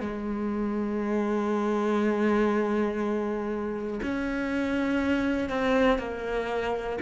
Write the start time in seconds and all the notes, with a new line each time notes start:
0.00 G#3
4.02 C#4
5.50 C4
5.99 A#3